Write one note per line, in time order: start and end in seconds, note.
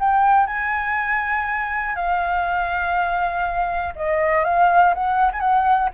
0.00 0.47 G5
0.47 1.96 G#5
1.96 3.94 F5
3.96 4.45 D#5
4.45 4.95 F5
4.95 5.32 F#5
5.33 5.40 G#5
5.40 5.90 F#5